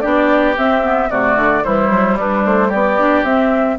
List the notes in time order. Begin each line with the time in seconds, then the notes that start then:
0.00 B3 D4 G4 D5
0.57 C4 E5
0.83 B3
1.09 C3 A3 F#4 D5
1.36 D3
1.64 E3 G3 E4 C5
1.89 F#3
2.15 G3 D4 B4
2.45 A3 C5
2.68 B3 G4 D5
2.98 D4
3.23 C4 E5